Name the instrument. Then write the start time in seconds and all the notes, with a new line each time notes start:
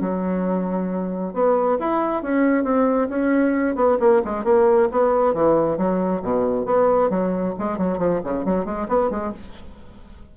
bassoon
0.00 F#3
1.33 B3
1.79 E4
2.22 C#4
2.64 C4
3.09 C#4
3.75 B3
4.00 A#3
4.25 G#3
4.44 A#3
4.91 B3
5.34 E3
5.77 F#3
6.22 B2
6.65 B3
7.10 F#3
7.59 G#3
7.78 F#3
7.98 F3
8.24 C#3
8.45 F#3
8.65 G#3
8.88 B3
9.10 G#3